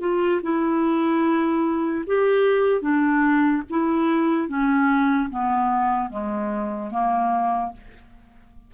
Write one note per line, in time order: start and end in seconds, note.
0.00 0.41 F4
0.42 2.05 E4
2.06 2.81 G4
2.81 3.62 D4
3.70 4.48 E4
4.48 5.29 C#4
5.30 6.10 B3
6.10 6.91 G#3
6.91 7.72 A#3